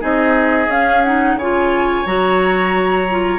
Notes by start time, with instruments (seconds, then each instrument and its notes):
0.00 bassoon C4, clarinet D#4, oboe G#4, flute D#5
0.67 bassoon C#4, clarinet C#4, flute F5
1.03 clarinet D#4, flute F#5
1.34 bassoon C#3, oboe C#5, flute G#5
1.41 clarinet F4
2.05 bassoon F#3, clarinet F#4, flute A#5
3.10 clarinet F4